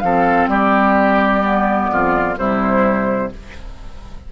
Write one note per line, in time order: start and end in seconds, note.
0.00 0.47 F3
0.00 1.42 C4
0.00 0.50 A4
0.00 0.47 F5
0.47 1.88 G3
0.47 1.90 G4
0.47 2.36 D5
1.42 2.36 B3
1.92 2.37 F2
1.92 2.38 F4
2.37 3.30 C3
2.37 3.30 G3
2.37 3.32 E4
2.37 3.31 C5